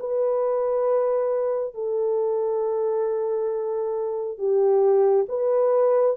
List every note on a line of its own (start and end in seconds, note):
0.00 1.75 B4
1.75 4.38 A4
4.38 5.27 G4
5.29 6.17 B4